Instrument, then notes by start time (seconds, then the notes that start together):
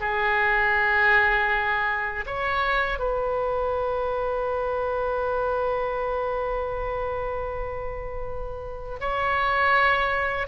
oboe
0.00 G#4
2.26 C#5
2.99 B4
9.00 C#5